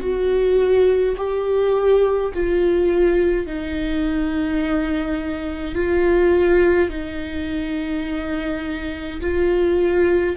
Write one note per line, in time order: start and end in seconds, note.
0.00 1.15 F#4
1.17 2.32 G4
2.33 3.46 F4
3.46 5.74 D#4
5.74 6.89 F4
6.89 9.20 D#4
9.20 10.36 F4